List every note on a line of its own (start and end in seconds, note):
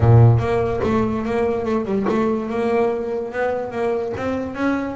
0.00 0.38 A#2
0.38 0.80 A#3
0.83 1.25 A3
1.25 1.65 A#3
1.65 1.85 A3
1.85 2.06 G3
2.08 2.49 A3
2.49 3.32 A#3
3.32 3.71 B3
3.71 4.12 A#3
4.16 4.54 C4
4.54 4.95 C#4